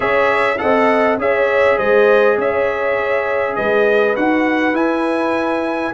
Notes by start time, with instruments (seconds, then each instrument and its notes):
0.00 tuba C#4, trombone G#4, horn C#5, trumpet E5
0.58 tuba C4, trombone A4, horn D#5, trumpet F#5
1.17 tuba C#4, trombone G#4, horn C#5, trumpet E5
1.77 tuba G#3, horn C5, trumpet D#5
2.37 tuba C#4, horn C#5, trumpet E5
3.55 tuba G#3, horn B4, trumpet D#5
4.16 tuba D#4, trombone F#4, trumpet F#5
4.73 tuba E4, trombone E4, trumpet G#5